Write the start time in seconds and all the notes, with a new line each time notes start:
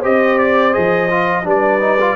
0.00 C4 G4 C5 D#5
0.38 D5
0.73 F3 G#4 D#5
1.11 F4
1.44 G3 D4 B4 D5
1.80 D#4
2.00 F4